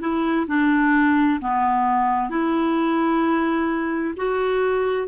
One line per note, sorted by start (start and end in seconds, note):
0.00 0.46 E4
0.47 1.40 D4
1.41 2.30 B3
2.30 4.14 E4
4.17 5.08 F#4